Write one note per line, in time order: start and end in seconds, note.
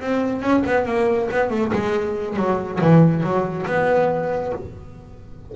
0.00 0.41 C4
0.41 0.63 C#4
0.66 0.85 B3
0.85 1.29 A#3
1.31 1.50 B3
1.50 1.72 A3
1.73 2.36 G#3
2.36 2.79 F#3
2.81 3.23 E3
3.23 3.66 F#3
3.66 4.52 B3